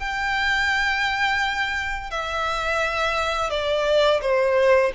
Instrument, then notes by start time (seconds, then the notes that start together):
violin
0.00 G5
2.11 E5
3.50 D5
4.22 C5